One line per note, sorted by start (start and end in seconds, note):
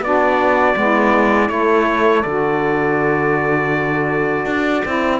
0.00 0.74 B3
0.00 0.75 D4
0.00 0.77 F#4
0.00 1.48 D5
0.75 1.49 G#3
0.75 1.48 B3
0.75 1.53 E4
1.48 2.23 A3
1.48 2.23 E4
1.48 5.20 A4
1.48 2.22 C#5
2.22 4.45 D3
2.22 4.85 F#4
2.22 5.18 D5
4.45 4.82 D4
4.85 5.20 C4
4.85 5.20 E4